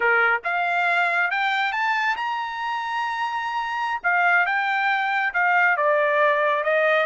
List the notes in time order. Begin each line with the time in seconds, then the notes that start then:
0.00 A#4
0.43 F5
1.30 G5
1.72 A5
2.16 A#5
4.03 F5
4.46 G5
5.33 F5
5.76 D5
6.63 D#5